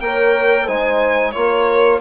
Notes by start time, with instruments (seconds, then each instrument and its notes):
0.00 bassoon A#3, trombone A#4, horn C#5, violin G5
0.65 bassoon G#3, trombone D#4, horn C5, violin G#5
1.31 bassoon A#3, trombone F4, horn A#4, violin C#5